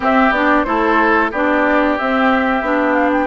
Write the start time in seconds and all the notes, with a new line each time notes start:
0.00 C4 G4 E5
0.30 B3 D4 D5
0.63 A3 E4 A4 C5
1.31 B3 D4 G4 D5
1.98 C4 E5
2.61 B3 D4
2.93 F5
3.12 G5